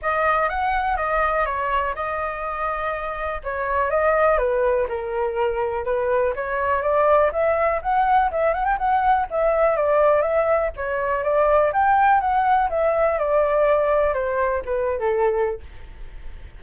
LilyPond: \new Staff \with { instrumentName = "flute" } { \time 4/4 \tempo 4 = 123 dis''4 fis''4 dis''4 cis''4 | dis''2. cis''4 | dis''4 b'4 ais'2 | b'4 cis''4 d''4 e''4 |
fis''4 e''8 fis''16 g''16 fis''4 e''4 | d''4 e''4 cis''4 d''4 | g''4 fis''4 e''4 d''4~ | d''4 c''4 b'8. a'4~ a'16 | }